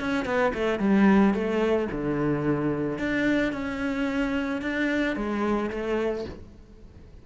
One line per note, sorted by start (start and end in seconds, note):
0.00 0.25 C#4
0.25 0.53 B3
0.54 0.79 A3
0.79 1.34 G3
1.34 1.88 A3
1.92 2.98 D3
2.98 3.52 D4
3.52 4.61 C#4
4.62 5.16 D4
5.16 5.70 G#3
5.70 6.25 A3